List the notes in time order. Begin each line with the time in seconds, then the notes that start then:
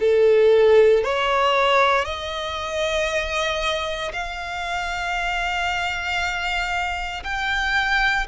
0.00 A4
1.04 C#5
2.05 D#5
4.13 F5
7.24 G5